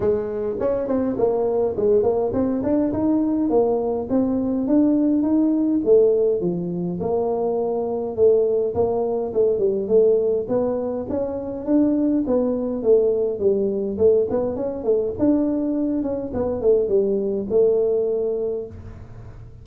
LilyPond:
\new Staff \with { instrumentName = "tuba" } { \time 4/4 \tempo 4 = 103 gis4 cis'8 c'8 ais4 gis8 ais8 | c'8 d'8 dis'4 ais4 c'4 | d'4 dis'4 a4 f4 | ais2 a4 ais4 |
a8 g8 a4 b4 cis'4 | d'4 b4 a4 g4 | a8 b8 cis'8 a8 d'4. cis'8 | b8 a8 g4 a2 | }